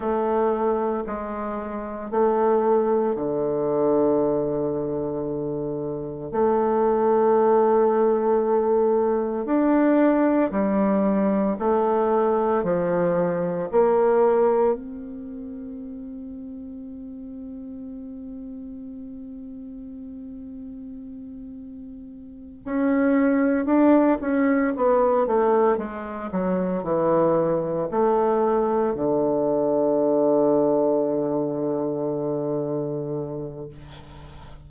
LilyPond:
\new Staff \with { instrumentName = "bassoon" } { \time 4/4 \tempo 4 = 57 a4 gis4 a4 d4~ | d2 a2~ | a4 d'4 g4 a4 | f4 ais4 c'2~ |
c'1~ | c'4. cis'4 d'8 cis'8 b8 | a8 gis8 fis8 e4 a4 d8~ | d1 | }